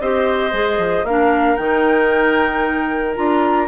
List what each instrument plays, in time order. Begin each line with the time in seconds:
0.00 bassoon C4, clarinet G4, oboe C5, flute D#5
0.51 bassoon G#3, clarinet G#4
0.78 bassoon F3
1.03 bassoon A#3, clarinet D4, oboe A#4, flute F5
1.56 bassoon D#3, clarinet D#4, flute G5
3.15 bassoon D4, clarinet F4, flute A#5